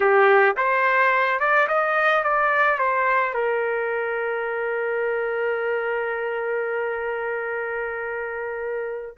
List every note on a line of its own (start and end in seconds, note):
0.00 0.56 G4
0.56 1.39 C5
1.39 1.67 D5
1.67 2.23 D#5
2.23 2.79 D5
2.79 3.34 C5
3.34 9.17 A#4